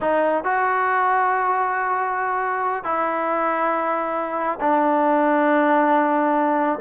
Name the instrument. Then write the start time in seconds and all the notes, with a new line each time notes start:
trombone
0.00 D#4
0.44 F#4
2.84 E4
4.60 D4